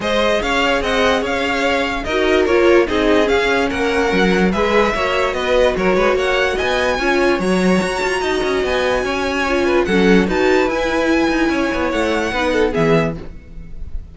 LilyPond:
<<
  \new Staff \with { instrumentName = "violin" } { \time 4/4 \tempo 4 = 146 dis''4 f''4 fis''4 f''4~ | f''4 dis''4 cis''4 dis''4 | f''4 fis''2 e''4~ | e''4 dis''4 cis''4 fis''4 |
gis''2 ais''2~ | ais''4 gis''2. | fis''4 a''4 gis''2~ | gis''4 fis''2 e''4 | }
  \new Staff \with { instrumentName = "violin" } { \time 4/4 c''4 cis''4 dis''4 cis''4~ | cis''4 ais'2 gis'4~ | gis'4 ais'2 b'4 | cis''4 b'4 ais'8 b'8 cis''4 |
dis''4 cis''2. | dis''2 cis''4. b'8 | a'4 b'2. | cis''2 b'8 a'8 gis'4 | }
  \new Staff \with { instrumentName = "viola" } { \time 4/4 gis'1~ | gis'4 fis'4 f'4 dis'4 | cis'2. gis'4 | fis'1~ |
fis'4 f'4 fis'2~ | fis'2. f'4 | cis'4 fis'4 e'2~ | e'2 dis'4 b4 | }
  \new Staff \with { instrumentName = "cello" } { \time 4/4 gis4 cis'4 c'4 cis'4~ | cis'4 dis'4 ais4 c'4 | cis'4 ais4 fis4 gis4 | ais4 b4 fis8 gis8 ais4 |
b4 cis'4 fis4 fis'8 f'8 | dis'8 cis'8 b4 cis'2 | fis4 dis'4 e'4. dis'8 | cis'8 b8 a4 b4 e4 | }
>>